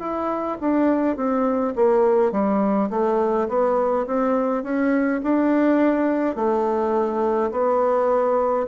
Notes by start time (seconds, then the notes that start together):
0.00 E4
0.61 D4
1.16 C4
1.76 A#3
2.32 G3
2.91 A3
3.49 B3
4.07 C4
4.64 C#4
5.23 D4
6.36 A3
7.52 B3